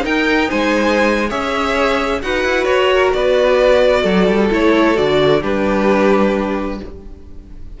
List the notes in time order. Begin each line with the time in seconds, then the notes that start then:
0.00 D#4 A#4 G5
0.49 G#3 C5 G#5
1.29 C#4 G#4 C#5 E5
2.22 D#4 F#4 B4 F#5
2.44 E4
2.64 F#4 C#5
2.92 A#4
3.13 B3 B4 D5
4.02 F#3 A4
4.27 G3
4.50 A3 E4 C#5
4.94 D3 F#4 D5
5.41 G3 D4 G4 B4